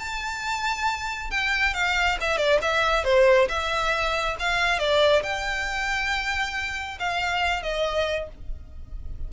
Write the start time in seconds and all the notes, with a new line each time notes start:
0.00 A5
1.31 G5
1.74 F5
2.21 E5
2.38 D5
2.62 E5
3.05 C5
3.49 E5
4.40 F5
4.79 D5
5.24 G5
7.00 F5
7.63 D#5